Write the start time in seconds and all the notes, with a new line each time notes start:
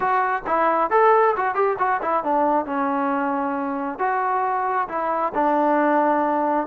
0.00 F#4
0.47 E4
0.90 A4
1.36 F#4
1.54 G4
1.78 F#4
2.02 E4
2.23 D4
2.65 C#4
3.99 F#4
4.88 E4
5.34 D4